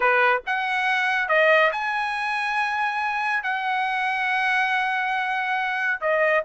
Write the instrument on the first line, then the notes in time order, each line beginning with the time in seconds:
trumpet
0.00 B4
0.46 F#5
1.28 D#5
1.72 G#5
3.43 F#5
6.01 D#5